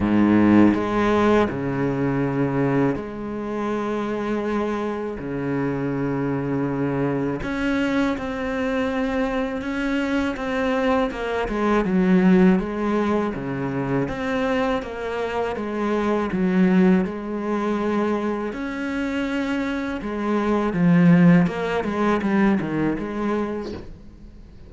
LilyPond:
\new Staff \with { instrumentName = "cello" } { \time 4/4 \tempo 4 = 81 gis,4 gis4 cis2 | gis2. cis4~ | cis2 cis'4 c'4~ | c'4 cis'4 c'4 ais8 gis8 |
fis4 gis4 cis4 c'4 | ais4 gis4 fis4 gis4~ | gis4 cis'2 gis4 | f4 ais8 gis8 g8 dis8 gis4 | }